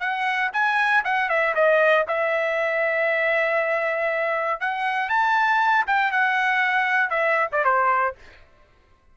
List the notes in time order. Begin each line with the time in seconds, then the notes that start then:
0.00 F#5
0.53 G#5
1.04 F#5
1.29 E5
1.55 D#5
2.08 E5
4.60 F#5
5.09 A5
5.87 G5
6.12 F#5
7.10 E5
7.52 D5
7.64 C5